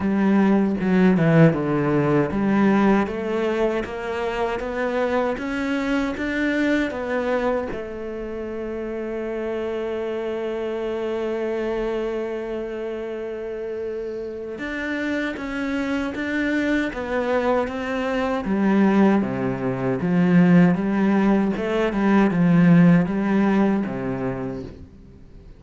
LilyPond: \new Staff \with { instrumentName = "cello" } { \time 4/4 \tempo 4 = 78 g4 fis8 e8 d4 g4 | a4 ais4 b4 cis'4 | d'4 b4 a2~ | a1~ |
a2. d'4 | cis'4 d'4 b4 c'4 | g4 c4 f4 g4 | a8 g8 f4 g4 c4 | }